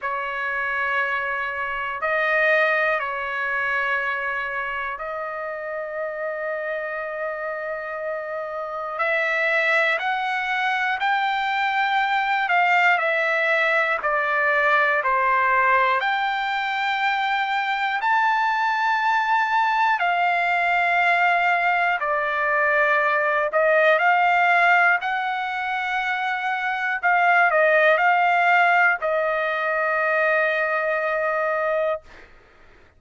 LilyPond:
\new Staff \with { instrumentName = "trumpet" } { \time 4/4 \tempo 4 = 60 cis''2 dis''4 cis''4~ | cis''4 dis''2.~ | dis''4 e''4 fis''4 g''4~ | g''8 f''8 e''4 d''4 c''4 |
g''2 a''2 | f''2 d''4. dis''8 | f''4 fis''2 f''8 dis''8 | f''4 dis''2. | }